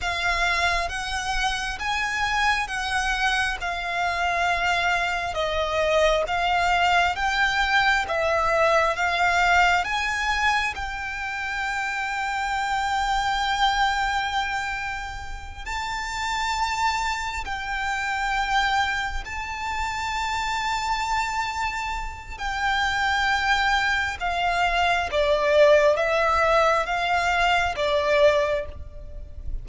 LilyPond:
\new Staff \with { instrumentName = "violin" } { \time 4/4 \tempo 4 = 67 f''4 fis''4 gis''4 fis''4 | f''2 dis''4 f''4 | g''4 e''4 f''4 gis''4 | g''1~ |
g''4. a''2 g''8~ | g''4. a''2~ a''8~ | a''4 g''2 f''4 | d''4 e''4 f''4 d''4 | }